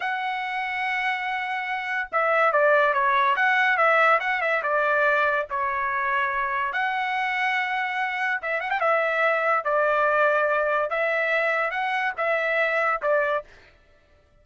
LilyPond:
\new Staff \with { instrumentName = "trumpet" } { \time 4/4 \tempo 4 = 143 fis''1~ | fis''4 e''4 d''4 cis''4 | fis''4 e''4 fis''8 e''8 d''4~ | d''4 cis''2. |
fis''1 | e''8 fis''16 g''16 e''2 d''4~ | d''2 e''2 | fis''4 e''2 d''4 | }